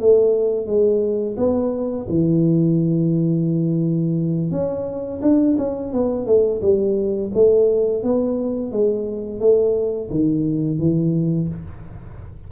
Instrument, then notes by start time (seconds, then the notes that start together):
tuba
0.00 A3
0.66 G#3
1.37 B3
2.09 E3
4.51 C#4
5.22 D4
5.58 C#4
5.93 B3
6.26 A3
6.62 G3
7.34 A3
8.03 B3
8.71 G#3
9.40 A3
10.10 D#3
10.79 E3